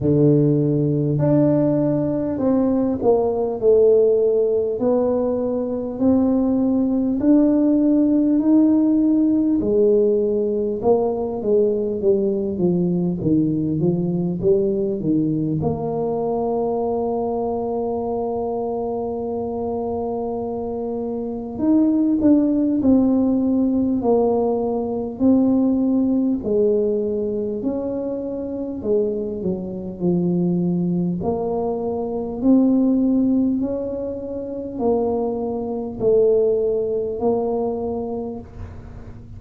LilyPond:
\new Staff \with { instrumentName = "tuba" } { \time 4/4 \tempo 4 = 50 d4 d'4 c'8 ais8 a4 | b4 c'4 d'4 dis'4 | gis4 ais8 gis8 g8 f8 dis8 f8 | g8 dis8 ais2.~ |
ais2 dis'8 d'8 c'4 | ais4 c'4 gis4 cis'4 | gis8 fis8 f4 ais4 c'4 | cis'4 ais4 a4 ais4 | }